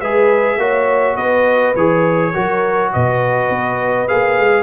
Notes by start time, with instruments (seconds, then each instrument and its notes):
0.00 tuba G#3, trombone G#4, horn B4, trumpet E5
0.57 tuba A#3, trombone F#4, horn C#5
1.15 tuba B3, horn B4, trumpet D#5
1.75 tuba E3, trombone G#4, trumpet C#5
2.33 tuba F#3, trombone F#4, horn A#4
2.92 tuba B2, horn B4, trumpet D#5
3.49 tuba B3
4.08 tuba A#3, trombone G#4, trumpet F5
4.38 tuba G#3